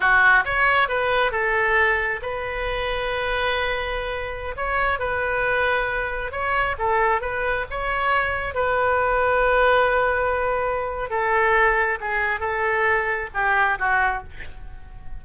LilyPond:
\new Staff \with { instrumentName = "oboe" } { \time 4/4 \tempo 4 = 135 fis'4 cis''4 b'4 a'4~ | a'4 b'2.~ | b'2~ b'16 cis''4 b'8.~ | b'2~ b'16 cis''4 a'8.~ |
a'16 b'4 cis''2 b'8.~ | b'1~ | b'4 a'2 gis'4 | a'2 g'4 fis'4 | }